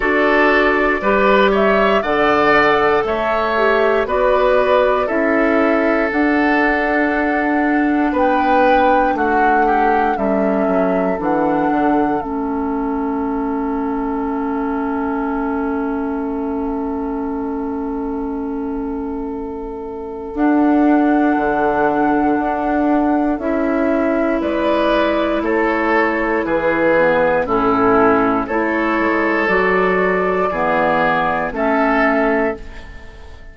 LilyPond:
<<
  \new Staff \with { instrumentName = "flute" } { \time 4/4 \tempo 4 = 59 d''4. e''8 fis''4 e''4 | d''4 e''4 fis''2 | g''4 fis''4 e''4 fis''4 | e''1~ |
e''1 | fis''2. e''4 | d''4 cis''4 b'4 a'4 | cis''4 d''2 e''4 | }
  \new Staff \with { instrumentName = "oboe" } { \time 4/4 a'4 b'8 cis''8 d''4 cis''4 | b'4 a'2. | b'4 fis'8 g'8 a'2~ | a'1~ |
a'1~ | a'1 | b'4 a'4 gis'4 e'4 | a'2 gis'4 a'4 | }
  \new Staff \with { instrumentName = "clarinet" } { \time 4/4 fis'4 g'4 a'4. g'8 | fis'4 e'4 d'2~ | d'2 cis'4 d'4 | cis'1~ |
cis'1 | d'2. e'4~ | e'2~ e'8 b8 cis'4 | e'4 fis'4 b4 cis'4 | }
  \new Staff \with { instrumentName = "bassoon" } { \time 4/4 d'4 g4 d4 a4 | b4 cis'4 d'2 | b4 a4 g8 fis8 e8 d8 | a1~ |
a1 | d'4 d4 d'4 cis'4 | gis4 a4 e4 a,4 | a8 gis8 fis4 e4 a4 | }
>>